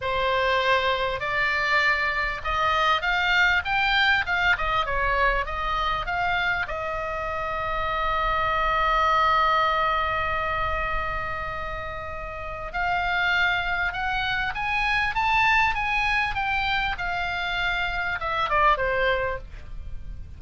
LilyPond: \new Staff \with { instrumentName = "oboe" } { \time 4/4 \tempo 4 = 99 c''2 d''2 | dis''4 f''4 g''4 f''8 dis''8 | cis''4 dis''4 f''4 dis''4~ | dis''1~ |
dis''1~ | dis''4 f''2 fis''4 | gis''4 a''4 gis''4 g''4 | f''2 e''8 d''8 c''4 | }